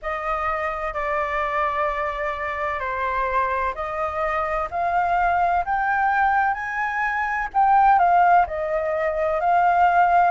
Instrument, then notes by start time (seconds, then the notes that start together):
flute
0.02 D#5
0.93 D5
2.79 C5
3.74 D#5
4.70 F5
5.65 G5
6.54 G#5
7.53 G5
7.98 F5
8.46 D#5
9.40 F5